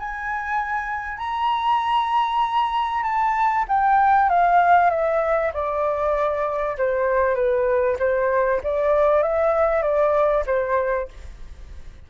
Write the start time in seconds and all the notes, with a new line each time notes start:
0.00 G#5
1.18 A#5
3.03 A5
3.69 G5
4.30 F5
4.91 E5
5.54 D5
6.78 C5
7.35 B4
8.00 C5
8.64 D5
9.23 E5
9.83 D5
10.47 C5